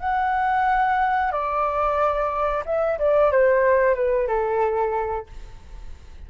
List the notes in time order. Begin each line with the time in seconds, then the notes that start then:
0.00 F#5
1.32 D5
2.66 E5
2.99 D5
3.32 C5
3.95 B4
4.28 A4